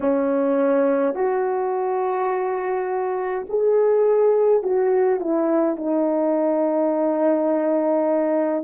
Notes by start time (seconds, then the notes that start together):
0.00 C#4
1.14 F#4
3.49 G#4
4.63 F#4
5.20 E4
5.76 D#4